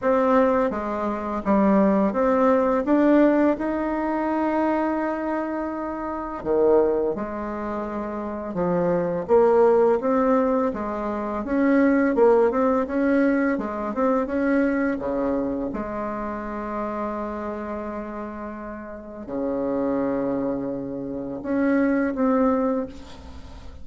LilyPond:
\new Staff \with { instrumentName = "bassoon" } { \time 4/4 \tempo 4 = 84 c'4 gis4 g4 c'4 | d'4 dis'2.~ | dis'4 dis4 gis2 | f4 ais4 c'4 gis4 |
cis'4 ais8 c'8 cis'4 gis8 c'8 | cis'4 cis4 gis2~ | gis2. cis4~ | cis2 cis'4 c'4 | }